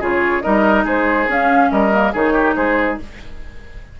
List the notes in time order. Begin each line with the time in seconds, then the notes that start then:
0.00 C#3 F4 G#4 C#5
0.42 G3 D#4 A#4 D#5
0.84 G#3 G#4 C5
1.28 C#4 F5
1.71 G3 A#4 D#5
1.92 A#3
2.13 D#3 D#4 G#4 C#5
2.33 G4
2.55 G#3 G#4 C5